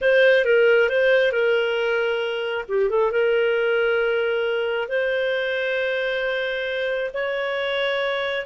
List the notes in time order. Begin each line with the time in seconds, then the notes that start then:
0.01 C5
0.44 A#4
0.89 C5
1.32 A#4
2.68 G4
2.89 A4
3.11 A#4
4.88 C5
7.13 C#5